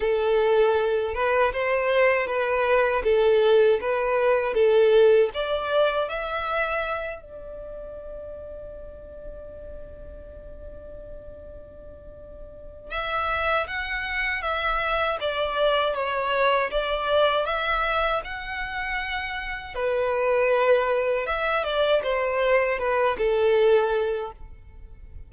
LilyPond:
\new Staff \with { instrumentName = "violin" } { \time 4/4 \tempo 4 = 79 a'4. b'8 c''4 b'4 | a'4 b'4 a'4 d''4 | e''4. d''2~ d''8~ | d''1~ |
d''4 e''4 fis''4 e''4 | d''4 cis''4 d''4 e''4 | fis''2 b'2 | e''8 d''8 c''4 b'8 a'4. | }